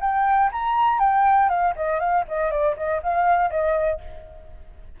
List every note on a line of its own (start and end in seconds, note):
0.00 0.50 G5
0.52 0.99 A#5
0.99 1.49 G5
1.49 1.74 F5
1.75 1.99 D#5
1.99 2.24 F5
2.28 2.50 D#5
2.50 2.75 D5
2.76 3.01 D#5
3.02 3.50 F5
3.50 4.00 D#5